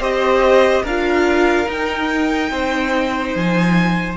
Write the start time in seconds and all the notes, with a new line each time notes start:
0.00 C4 G4 C5 D#5
0.84 D4 F4 A#4 F5
1.67 D#4 G5
2.51 C4 C5
3.36 F3 G#5